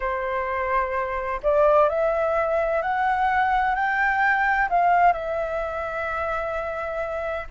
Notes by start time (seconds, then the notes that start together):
0.00 C5
1.43 D5
1.89 E5
2.82 F#5
3.75 G5
4.69 F5
5.13 E5